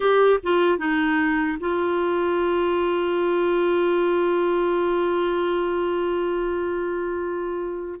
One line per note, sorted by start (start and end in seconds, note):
0.00 0.39 G4
0.43 0.78 F4
0.78 1.58 D#4
1.60 8.00 F4